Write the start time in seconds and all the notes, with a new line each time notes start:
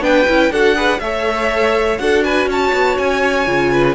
0.00 B3 D4 B4 G5
0.27 C#4 E4
0.50 D4 F#4 A4 F#5
0.75 G#4 B4
1.00 A3 A4 C#5 E5
1.98 D4 F#4 A4 F#5
2.24 B4 G#5
2.47 C#4 C#5 A5
2.73 B3
2.98 C#4 G#5
3.46 C#3 F4
3.72 B4